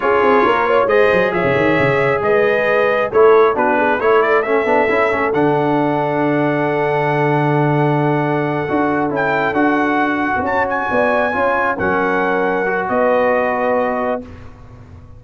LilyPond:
<<
  \new Staff \with { instrumentName = "trumpet" } { \time 4/4 \tempo 4 = 135 cis''2 dis''4 e''4~ | e''4 dis''2 cis''4 | b'4 cis''8 d''8 e''2 | fis''1~ |
fis''1~ | fis''8 g''4 fis''2 a''8 | gis''2~ gis''8 fis''4.~ | fis''4 dis''2. | }
  \new Staff \with { instrumentName = "horn" } { \time 4/4 gis'4 ais'8 cis''8 c''4 cis''4~ | cis''4 b'2 a'4 | fis'8 gis'8 a'2.~ | a'1~ |
a'1~ | a'2.~ a'8 cis''8~ | cis''8 d''4 cis''4 ais'4.~ | ais'4 b'2. | }
  \new Staff \with { instrumentName = "trombone" } { \time 4/4 f'2 gis'2~ | gis'2. e'4 | d'4 e'4 cis'8 d'8 e'8 cis'8 | d'1~ |
d'2.~ d'8 fis'8~ | fis'8 e'4 fis'2~ fis'8~ | fis'4. f'4 cis'4.~ | cis'8 fis'2.~ fis'8 | }
  \new Staff \with { instrumentName = "tuba" } { \time 4/4 cis'8 c'8 ais4 gis8 fis8 f16 cis16 dis8 | cis4 gis2 a4 | b4 a4. b8 cis'8 a8 | d1~ |
d2.~ d8 d'8~ | d'8 cis'4 d'4.~ d'16 b16 cis'8~ | cis'8 b4 cis'4 fis4.~ | fis4 b2. | }
>>